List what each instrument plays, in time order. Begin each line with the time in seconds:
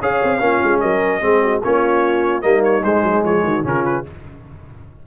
0.00 tuba C#4, trombone G#4, horn C#5, trumpet F5
0.23 tuba C4
0.40 tuba A#3, trombone C#4, horn F4
0.64 tuba G#3
0.80 tuba F#3, horn A#4, trumpet D#5
1.21 tuba G#3, trombone C4, horn G#4
1.42 horn F#4
1.64 tuba A#3, trombone C#4, horn F4, trumpet C#5
2.42 tuba G3, trombone A#3, horn D#4, trumpet D#5
2.64 trumpet C#5
2.84 trombone G#3, tuba G#3, trumpet C5
3.03 tuba F#3
3.24 tuba F3, horn G#4, trumpet C#5
3.44 tuba D#3, horn F#4
3.63 tuba C#3, trombone C#4, horn F4, trumpet A#4
3.85 trumpet B4